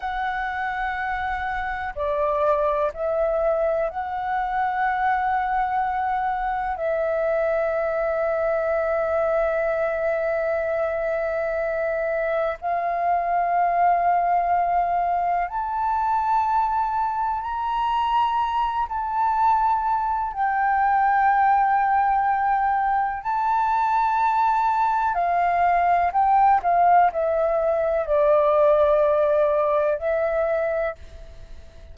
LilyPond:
\new Staff \with { instrumentName = "flute" } { \time 4/4 \tempo 4 = 62 fis''2 d''4 e''4 | fis''2. e''4~ | e''1~ | e''4 f''2. |
a''2 ais''4. a''8~ | a''4 g''2. | a''2 f''4 g''8 f''8 | e''4 d''2 e''4 | }